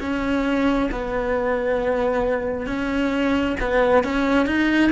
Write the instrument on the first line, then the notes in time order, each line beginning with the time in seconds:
cello
0.00 C#4
0.91 B3
2.66 C#4
3.60 B3
4.04 C#4
4.46 D#4